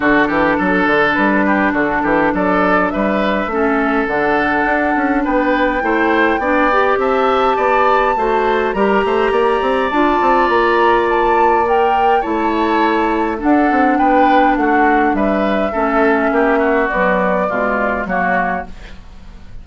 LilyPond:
<<
  \new Staff \with { instrumentName = "flute" } { \time 4/4 \tempo 4 = 103 a'2 b'4 a'4 | d''4 e''2 fis''4~ | fis''4 g''2. | a''2. ais''4~ |
ais''4 a''4 ais''4 a''4 | g''4 a''2 fis''4 | g''4 fis''4 e''2~ | e''4 d''2 cis''4 | }
  \new Staff \with { instrumentName = "oboe" } { \time 4/4 fis'8 g'8 a'4. g'8 fis'8 g'8 | a'4 b'4 a'2~ | a'4 b'4 c''4 d''4 | e''4 d''4 c''4 ais'8 c''8 |
d''1~ | d''4 cis''2 a'4 | b'4 fis'4 b'4 a'4 | g'8 fis'4. f'4 fis'4 | }
  \new Staff \with { instrumentName = "clarinet" } { \time 4/4 d'1~ | d'2 cis'4 d'4~ | d'2 e'4 d'8 g'8~ | g'2 fis'4 g'4~ |
g'4 f'2. | ais'4 e'2 d'4~ | d'2. cis'4~ | cis'4 fis4 gis4 ais4 | }
  \new Staff \with { instrumentName = "bassoon" } { \time 4/4 d8 e8 fis8 d8 g4 d8 e8 | fis4 g4 a4 d4 | d'8 cis'8 b4 a4 b4 | c'4 b4 a4 g8 a8 |
ais8 c'8 d'8 c'8 ais2~ | ais4 a2 d'8 c'8 | b4 a4 g4 a4 | ais4 b4 b,4 fis4 | }
>>